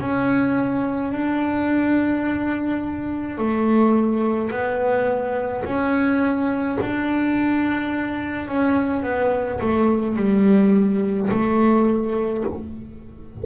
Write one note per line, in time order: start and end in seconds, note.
0.00 1.12 C#4
1.12 3.38 D4
3.38 4.51 A3
4.51 5.64 B3
5.64 6.78 C#4
6.81 8.48 D4
8.48 9.03 C#4
9.03 9.59 B3
9.60 10.16 A3
10.16 11.29 G3
11.31 12.44 A3